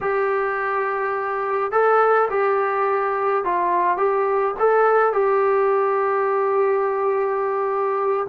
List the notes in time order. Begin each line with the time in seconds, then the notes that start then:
0.00 G4
1.71 A4
2.30 G4
3.44 F4
3.97 G4
4.59 A4
5.12 G4